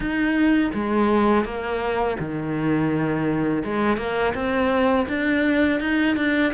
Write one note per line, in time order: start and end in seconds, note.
0.00 0.71 D#4
0.74 1.45 G#3
1.45 2.17 A#3
2.19 3.63 D#3
3.64 3.97 G#3
3.97 4.33 A#3
4.34 5.06 C4
5.08 5.80 D4
5.80 6.16 D#4
6.16 6.52 D4